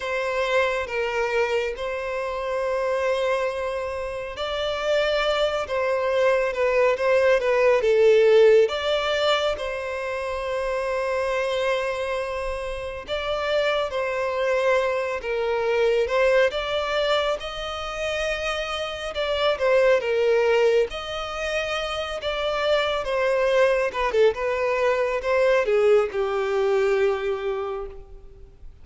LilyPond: \new Staff \with { instrumentName = "violin" } { \time 4/4 \tempo 4 = 69 c''4 ais'4 c''2~ | c''4 d''4. c''4 b'8 | c''8 b'8 a'4 d''4 c''4~ | c''2. d''4 |
c''4. ais'4 c''8 d''4 | dis''2 d''8 c''8 ais'4 | dis''4. d''4 c''4 b'16 a'16 | b'4 c''8 gis'8 g'2 | }